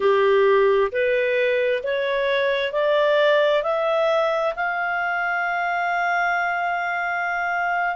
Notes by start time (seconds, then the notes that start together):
0.00 G4
0.92 B4
1.83 C#5
2.72 D5
3.62 E5
4.55 F5